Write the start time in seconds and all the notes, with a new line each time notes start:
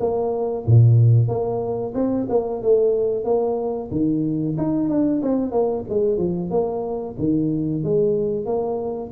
0.00 A#3
0.66 A#2
1.28 A#3
1.94 C4
2.29 A#3
2.62 A3
3.24 A#3
3.91 D#3
4.57 D#4
4.89 D4
5.22 C4
5.51 A#3
5.89 G#3
6.17 F3
6.50 A#3
7.18 D#3
7.83 G#3
8.45 A#3